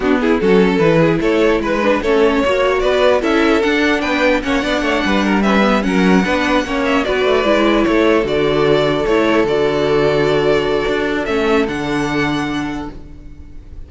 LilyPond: <<
  \new Staff \with { instrumentName = "violin" } { \time 4/4 \tempo 4 = 149 fis'8 gis'8 a'4 b'4 cis''4 | b'4 cis''2 d''4 | e''4 fis''4 g''4 fis''4~ | fis''4. e''4 fis''4.~ |
fis''4 e''8 d''2 cis''8~ | cis''8 d''2 cis''4 d''8~ | d''1 | e''4 fis''2. | }
  \new Staff \with { instrumentName = "violin" } { \time 4/4 d'8 e'8 fis'8 a'4 gis'8 a'4 | b'4 a'4 cis''4 b'4 | a'2 b'4 cis''8 d''8 | cis''8 b'8 ais'8 b'4 ais'4 b'8~ |
b'8 cis''4 b'2 a'8~ | a'1~ | a'1~ | a'1 | }
  \new Staff \with { instrumentName = "viola" } { \time 4/4 b4 cis'4 e'2~ | e'8 d'8 cis'4 fis'2 | e'4 d'2 cis'8 d'8~ | d'4. cis'8 b8 cis'4 d'8~ |
d'8 cis'4 fis'4 e'4.~ | e'8 fis'2 e'4 fis'8~ | fis'1 | cis'4 d'2. | }
  \new Staff \with { instrumentName = "cello" } { \time 4/4 b4 fis4 e4 a4 | gis4 a4 ais4 b4 | cis'4 d'4 b4 ais8 b8 | a8 g2 fis4 b8~ |
b8 ais4 b8 a8 gis4 a8~ | a8 d2 a4 d8~ | d2. d'4 | a4 d2. | }
>>